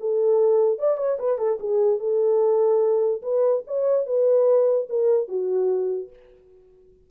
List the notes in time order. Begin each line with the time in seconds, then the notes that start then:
0.00 A4
0.79 D5
0.97 C#5
1.19 B4
1.38 A4
1.60 G#4
1.99 A4
3.22 B4
3.67 C#5
4.06 B4
4.89 A#4
5.28 F#4